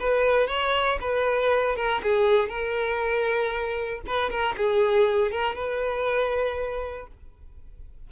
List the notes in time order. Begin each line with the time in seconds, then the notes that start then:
0.00 B4
0.48 C#5
1.01 B4
1.76 A#4
2.03 G#4
2.49 A#4
4.07 B4
4.30 A#4
4.57 G#4
5.32 A#4
5.55 B4